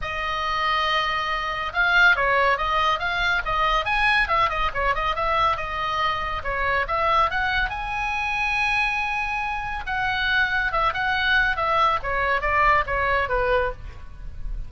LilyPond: \new Staff \with { instrumentName = "oboe" } { \time 4/4 \tempo 4 = 140 dis''1 | f''4 cis''4 dis''4 f''4 | dis''4 gis''4 e''8 dis''8 cis''8 dis''8 | e''4 dis''2 cis''4 |
e''4 fis''4 gis''2~ | gis''2. fis''4~ | fis''4 e''8 fis''4. e''4 | cis''4 d''4 cis''4 b'4 | }